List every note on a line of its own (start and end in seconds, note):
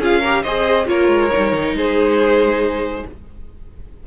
0.00 0.43 C#4
0.00 0.24 F4
0.00 0.21 G#4
0.00 0.43 F5
0.21 0.46 G4
0.21 0.42 A#4
0.43 0.88 C4
0.43 0.86 G#4
0.43 0.87 C5
0.43 0.87 D#5
0.86 1.09 A#3
0.86 1.30 F4
0.86 1.77 A#4
0.86 1.76 C#5
1.09 1.30 G#3
1.32 1.53 G3
1.32 3.06 D#4
1.53 1.73 D#3
1.73 3.04 G#3
1.73 3.07 G#4
1.73 3.07 C5